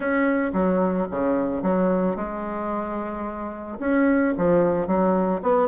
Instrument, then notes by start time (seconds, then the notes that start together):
bassoon
0.00 C#4
0.53 F#3
1.10 C#3
1.62 F#3
2.15 G#3
3.79 C#4
4.37 F3
4.87 F#3
5.42 B3